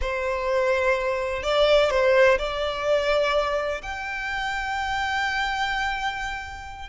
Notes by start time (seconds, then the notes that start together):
0.01 C5
1.42 D5
1.90 C5
2.38 D5
3.82 G5